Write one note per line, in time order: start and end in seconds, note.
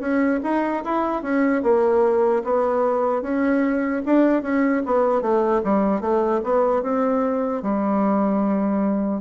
0.00 0.40 C#4
0.43 0.83 D#4
0.84 1.22 E4
1.22 1.62 C#4
1.63 2.43 A#3
2.44 3.22 B3
3.22 4.02 C#4
4.05 4.42 D4
4.42 4.82 C#4
4.85 5.21 B3
5.21 5.61 A3
5.64 6.01 G3
6.01 6.41 A3
6.43 6.82 B3
6.82 7.62 C4
7.62 9.21 G3